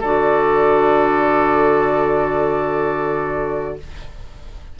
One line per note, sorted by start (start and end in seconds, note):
0.00 3.78 D3
0.00 3.80 F#4
0.00 3.75 A4
0.00 3.78 D5